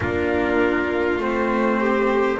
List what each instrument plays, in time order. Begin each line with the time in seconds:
0.00 double bass A#3, cello D4, violin F4, trumpet A#4
1.18 double bass A3, cello C4, trumpet C5
1.79 violin G4